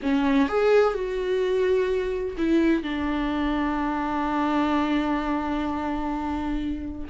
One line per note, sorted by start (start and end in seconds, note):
0.02 0.48 C#4
0.48 0.94 G#4
0.94 2.35 F#4
2.37 2.83 E4
2.83 7.08 D4